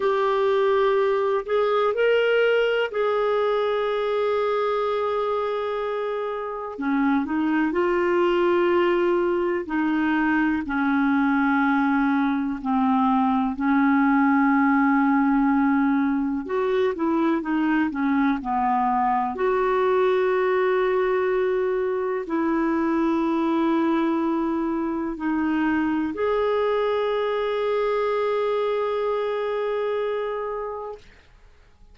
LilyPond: \new Staff \with { instrumentName = "clarinet" } { \time 4/4 \tempo 4 = 62 g'4. gis'8 ais'4 gis'4~ | gis'2. cis'8 dis'8 | f'2 dis'4 cis'4~ | cis'4 c'4 cis'2~ |
cis'4 fis'8 e'8 dis'8 cis'8 b4 | fis'2. e'4~ | e'2 dis'4 gis'4~ | gis'1 | }